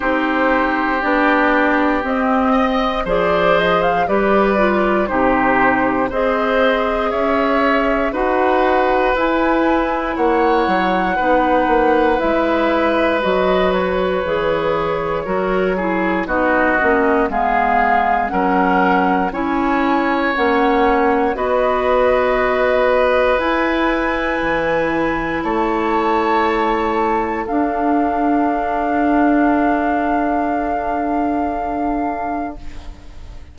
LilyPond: <<
  \new Staff \with { instrumentName = "flute" } { \time 4/4 \tempo 4 = 59 c''4 d''4 dis''4 d''8 dis''16 f''16 | d''4 c''4 dis''4 e''4 | fis''4 gis''4 fis''2 | e''4 dis''8 cis''2~ cis''8 |
dis''4 f''4 fis''4 gis''4 | fis''4 dis''2 gis''4~ | gis''4 a''2 f''4~ | f''1 | }
  \new Staff \with { instrumentName = "oboe" } { \time 4/4 g'2~ g'8 dis''8 c''4 | b'4 g'4 c''4 cis''4 | b'2 cis''4 b'4~ | b'2. ais'8 gis'8 |
fis'4 gis'4 ais'4 cis''4~ | cis''4 b'2.~ | b'4 cis''2 a'4~ | a'1 | }
  \new Staff \with { instrumentName = "clarinet" } { \time 4/4 dis'4 d'4 c'4 gis'4 | g'8 f'8 dis'4 gis'2 | fis'4 e'2 dis'4 | e'4 fis'4 gis'4 fis'8 e'8 |
dis'8 cis'8 b4 cis'4 e'4 | cis'4 fis'2 e'4~ | e'2. d'4~ | d'1 | }
  \new Staff \with { instrumentName = "bassoon" } { \time 4/4 c'4 b4 c'4 f4 | g4 c4 c'4 cis'4 | dis'4 e'4 ais8 fis8 b8 ais8 | gis4 fis4 e4 fis4 |
b8 ais8 gis4 fis4 cis'4 | ais4 b2 e'4 | e4 a2 d'4~ | d'1 | }
>>